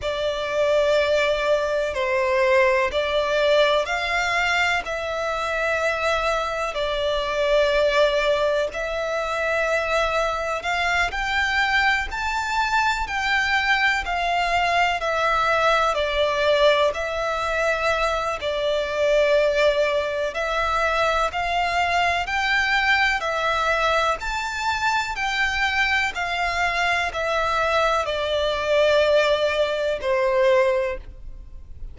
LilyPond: \new Staff \with { instrumentName = "violin" } { \time 4/4 \tempo 4 = 62 d''2 c''4 d''4 | f''4 e''2 d''4~ | d''4 e''2 f''8 g''8~ | g''8 a''4 g''4 f''4 e''8~ |
e''8 d''4 e''4. d''4~ | d''4 e''4 f''4 g''4 | e''4 a''4 g''4 f''4 | e''4 d''2 c''4 | }